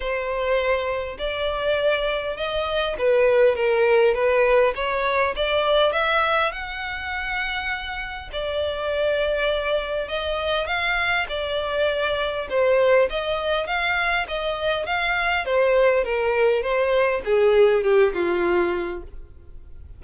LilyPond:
\new Staff \with { instrumentName = "violin" } { \time 4/4 \tempo 4 = 101 c''2 d''2 | dis''4 b'4 ais'4 b'4 | cis''4 d''4 e''4 fis''4~ | fis''2 d''2~ |
d''4 dis''4 f''4 d''4~ | d''4 c''4 dis''4 f''4 | dis''4 f''4 c''4 ais'4 | c''4 gis'4 g'8 f'4. | }